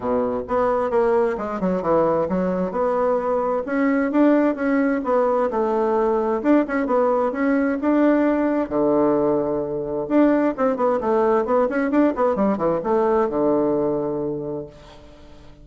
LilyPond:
\new Staff \with { instrumentName = "bassoon" } { \time 4/4 \tempo 4 = 131 b,4 b4 ais4 gis8 fis8 | e4 fis4 b2 | cis'4 d'4 cis'4 b4 | a2 d'8 cis'8 b4 |
cis'4 d'2 d4~ | d2 d'4 c'8 b8 | a4 b8 cis'8 d'8 b8 g8 e8 | a4 d2. | }